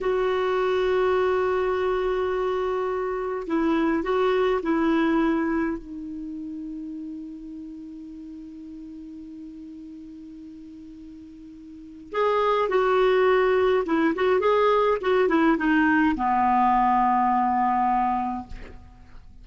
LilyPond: \new Staff \with { instrumentName = "clarinet" } { \time 4/4 \tempo 4 = 104 fis'1~ | fis'2 e'4 fis'4 | e'2 dis'2~ | dis'1~ |
dis'1~ | dis'4 gis'4 fis'2 | e'8 fis'8 gis'4 fis'8 e'8 dis'4 | b1 | }